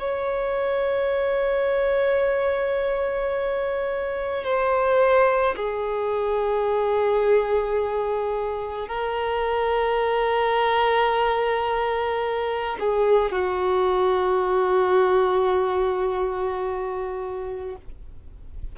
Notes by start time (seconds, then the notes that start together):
0.00 C#5
4.44 C5
5.57 G#4
8.88 A#4
12.80 G#4
13.32 F#4